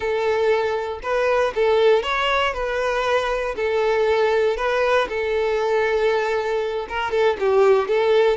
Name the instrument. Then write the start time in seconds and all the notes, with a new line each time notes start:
violin
0.00 A4
1.02 B4
1.55 A4
2.02 C#5
2.53 B4
3.55 A4
4.56 B4
5.08 A4
6.89 A#4
7.11 A4
7.39 G4
7.88 A4